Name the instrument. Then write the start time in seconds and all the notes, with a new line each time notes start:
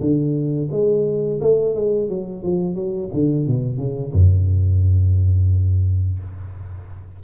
tuba
0.00 D3
0.71 G#3
1.41 A3
1.75 G#3
2.09 F#3
2.43 F3
2.75 F#3
3.13 D3
3.47 B2
3.77 C#3
4.13 F#2